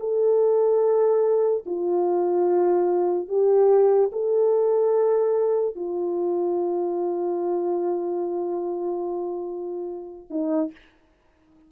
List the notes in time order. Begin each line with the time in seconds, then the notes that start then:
0.00 A4
1.66 F4
3.28 G4
4.12 A4
5.76 F4
10.30 D#4